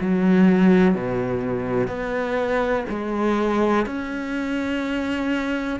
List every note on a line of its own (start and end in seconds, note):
0.00 0.94 F#3
0.94 1.87 B2
1.87 2.84 B3
2.89 3.86 G#3
3.86 5.79 C#4